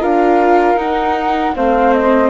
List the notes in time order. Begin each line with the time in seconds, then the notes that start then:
0.00 D4 F4 A#4 F5
0.75 D#4 F#5
1.55 A3 C4 C5 F5
1.93 D#5